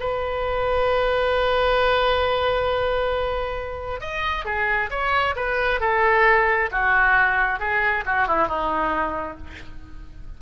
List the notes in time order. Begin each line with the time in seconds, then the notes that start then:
0.00 B4
4.01 D#5
4.46 G#4
4.91 C#5
5.36 B4
5.81 A4
6.72 F#4
7.60 G#4
8.06 F#4
8.28 E4
8.48 D#4